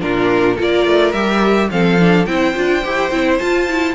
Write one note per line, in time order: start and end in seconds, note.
0.00 0.59 A#2
0.00 0.57 D4
0.00 0.55 F4
0.00 0.58 A#4
0.55 0.86 A#3
0.55 1.13 F4
0.55 1.68 A#4
0.62 1.12 D5
0.86 1.13 A3
1.12 1.70 G3
1.12 1.70 G4
1.12 1.69 E5
1.70 2.27 F3
1.70 1.98 C4
1.70 2.29 A4
1.70 2.25 F5
1.98 2.27 D4
2.25 2.55 C4
2.25 2.55 E4
2.25 3.94 C5
2.25 3.38 G5
2.55 2.85 D4
2.55 2.83 F4
2.84 3.11 E4
2.84 3.11 G4
3.11 3.39 C4
3.11 3.40 E4
3.38 3.68 F4
3.38 3.94 F4
3.38 3.94 A5
3.68 3.94 E4